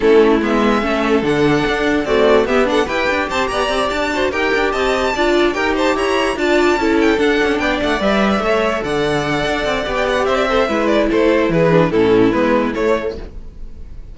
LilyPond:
<<
  \new Staff \with { instrumentName = "violin" } { \time 4/4 \tempo 4 = 146 a'4 e''2 fis''4~ | fis''4 d''4 e''8 fis''8 g''4 | a''8 ais''4 a''4 g''4 a''8~ | a''4. g''8 a''8 ais''4 a''8~ |
a''4 g''8 fis''4 g''8 fis''8 e''8~ | e''4. fis''2~ fis''8~ | fis''16 g''16 fis''8 e''4. d''8 c''4 | b'4 a'4 b'4 cis''4 | }
  \new Staff \with { instrumentName = "violin" } { \time 4/4 e'2 a'2~ | a'4 fis'4 g'8 a'8 b'4 | c''8 d''4. c''8 ais'4 dis''8~ | dis''8 d''4 ais'8 c''8 cis''4 d''8~ |
d''8 a'2 d''4.~ | d''8 cis''4 d''2~ d''8~ | d''4 c''16 d''16 c''8 b'4 a'4 | gis'4 e'2. | }
  \new Staff \with { instrumentName = "viola" } { \time 4/4 cis'4 b4 cis'4 d'4~ | d'4 a4 b8 d'8 g'4~ | g'2 fis'8 g'4.~ | g'8 f'4 g'2 f'8~ |
f'8 e'4 d'2 b'8~ | b'8 a'2.~ a'8 | g'4. a'8 e'2~ | e'8 d'8 cis'4 b4 a4 | }
  \new Staff \with { instrumentName = "cello" } { \time 4/4 a4 gis4 a4 d4 | d'4 c'4 b4 e'8 d'8 | c'8 b8 c'8 d'4 dis'8 d'8 c'8~ | c'8 d'4 dis'4 e'4 d'8~ |
d'8 cis'4 d'8 cis'8 b8 a8 g8~ | g8 a4 d4. d'8 c'8 | b4 c'4 gis4 a4 | e4 a,4 gis4 a4 | }
>>